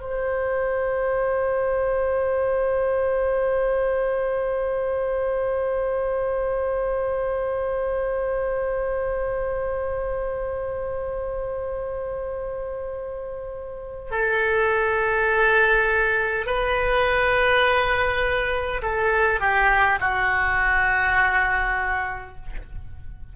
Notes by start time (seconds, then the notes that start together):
0.00 C5
14.11 A4
16.46 B4
18.82 A4
19.40 G4
20.01 F#4